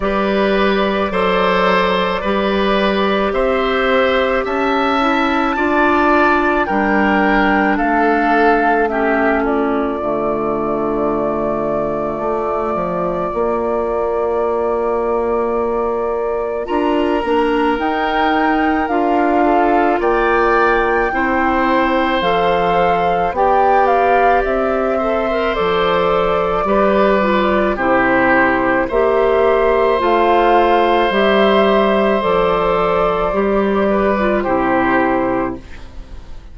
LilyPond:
<<
  \new Staff \with { instrumentName = "flute" } { \time 4/4 \tempo 4 = 54 d''2. e''4 | a''2 g''4 f''4 | e''8 d''2.~ d''8~ | d''2. ais''4 |
g''4 f''4 g''2 | f''4 g''8 f''8 e''4 d''4~ | d''4 c''4 e''4 f''4 | e''4 d''2 c''4 | }
  \new Staff \with { instrumentName = "oboe" } { \time 4/4 b'4 c''4 b'4 c''4 | e''4 d''4 ais'4 a'4 | g'8 f'2.~ f'8~ | f'2. ais'4~ |
ais'4. a'8 d''4 c''4~ | c''4 d''4. c''4. | b'4 g'4 c''2~ | c''2~ c''8 b'8 g'4 | }
  \new Staff \with { instrumentName = "clarinet" } { \time 4/4 g'4 a'4 g'2~ | g'8 e'8 f'4 d'2 | cis'4 a2. | ais2. f'8 d'8 |
dis'4 f'2 e'4 | a'4 g'4. a'16 ais'16 a'4 | g'8 f'8 e'4 g'4 f'4 | g'4 a'4 g'8. f'16 e'4 | }
  \new Staff \with { instrumentName = "bassoon" } { \time 4/4 g4 fis4 g4 c'4 | cis'4 d'4 g4 a4~ | a4 d2 a8 f8 | ais2. d'8 ais8 |
dis'4 d'4 ais4 c'4 | f4 b4 c'4 f4 | g4 c4 ais4 a4 | g4 f4 g4 c4 | }
>>